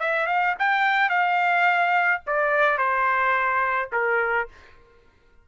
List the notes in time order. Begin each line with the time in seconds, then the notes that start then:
0.00 E5
0.27 F5
0.59 G5
1.10 F5
2.27 D5
2.78 C5
3.93 A#4